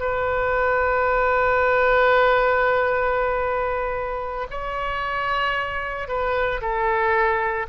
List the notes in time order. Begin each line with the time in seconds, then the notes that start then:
0.00 B4
4.51 C#5
6.08 B4
6.61 A4